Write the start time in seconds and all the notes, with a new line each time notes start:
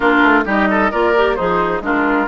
0.00 A#3 D4 F4 A#4
0.22 A3
0.44 G3 D#4 G4 D#5
0.70 A4
0.91 A#3 F4 A#4 D5
1.16 G4
1.35 F3 D#4 G#4 C5
1.80 G#3 D4 F4 A#4